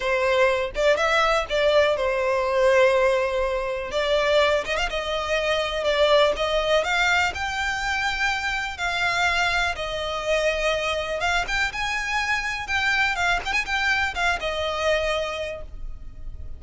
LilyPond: \new Staff \with { instrumentName = "violin" } { \time 4/4 \tempo 4 = 123 c''4. d''8 e''4 d''4 | c''1 | d''4. dis''16 f''16 dis''2 | d''4 dis''4 f''4 g''4~ |
g''2 f''2 | dis''2. f''8 g''8 | gis''2 g''4 f''8 g''16 gis''16 | g''4 f''8 dis''2~ dis''8 | }